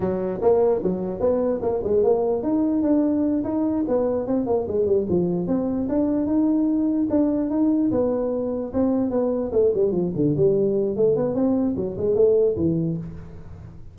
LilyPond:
\new Staff \with { instrumentName = "tuba" } { \time 4/4 \tempo 4 = 148 fis4 ais4 fis4 b4 | ais8 gis8 ais4 dis'4 d'4~ | d'8 dis'4 b4 c'8 ais8 gis8 | g8 f4 c'4 d'4 dis'8~ |
dis'4. d'4 dis'4 b8~ | b4. c'4 b4 a8 | g8 f8 d8 g4. a8 b8 | c'4 fis8 gis8 a4 e4 | }